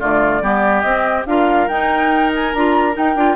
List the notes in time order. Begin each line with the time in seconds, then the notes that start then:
0.00 D3 A3 F4 D5
0.42 G3 B3 G4
0.82 C4 D#5
1.26 D4 F4 A#4 F5
1.68 D#4 G5
2.36 G#5
2.54 D4 F4 A#5
2.93 D#4 G5
3.16 D4 F4